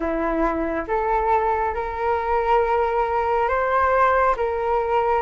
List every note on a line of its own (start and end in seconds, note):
0.00 0.85 E4
0.87 1.74 A4
1.74 3.48 A#4
3.48 4.35 C5
4.37 5.22 A#4